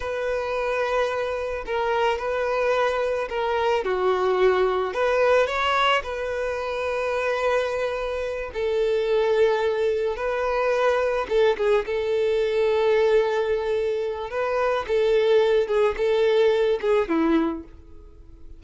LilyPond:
\new Staff \with { instrumentName = "violin" } { \time 4/4 \tempo 4 = 109 b'2. ais'4 | b'2 ais'4 fis'4~ | fis'4 b'4 cis''4 b'4~ | b'2.~ b'8 a'8~ |
a'2~ a'8 b'4.~ | b'8 a'8 gis'8 a'2~ a'8~ | a'2 b'4 a'4~ | a'8 gis'8 a'4. gis'8 e'4 | }